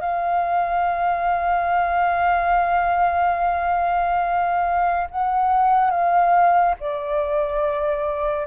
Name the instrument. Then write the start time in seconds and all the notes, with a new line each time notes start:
flute
0.00 F5
5.10 F#5
5.90 F5
6.80 D5